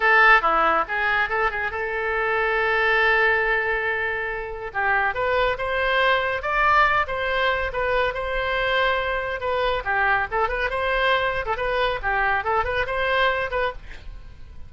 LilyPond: \new Staff \with { instrumentName = "oboe" } { \time 4/4 \tempo 4 = 140 a'4 e'4 gis'4 a'8 gis'8 | a'1~ | a'2. g'4 | b'4 c''2 d''4~ |
d''8 c''4. b'4 c''4~ | c''2 b'4 g'4 | a'8 b'8 c''4.~ c''16 a'16 b'4 | g'4 a'8 b'8 c''4. b'8 | }